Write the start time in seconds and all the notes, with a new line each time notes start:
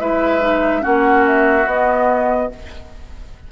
0.00 G#3 E4 B4 E5
0.41 D#4
0.81 A#3 C#4 F#4 F#5
1.27 E5
1.66 B3 D#5